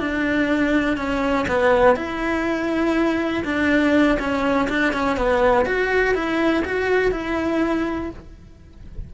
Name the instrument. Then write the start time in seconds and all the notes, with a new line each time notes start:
cello
0.00 D4
0.97 C#4
1.49 B3
1.96 E4
3.45 D4
4.20 C#4
4.70 D4
4.94 C#4
5.17 B3
5.66 F#4
6.15 E4
6.65 F#4
7.12 E4